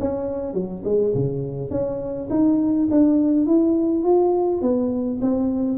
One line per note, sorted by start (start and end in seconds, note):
0.00 0.54 C#4
0.54 0.83 F#3
0.84 1.14 G#3
1.15 1.71 C#3
1.71 2.29 C#4
2.30 2.88 D#4
2.91 3.47 D4
3.47 4.04 E4
4.04 4.62 F4
4.62 5.20 B3
5.22 5.78 C4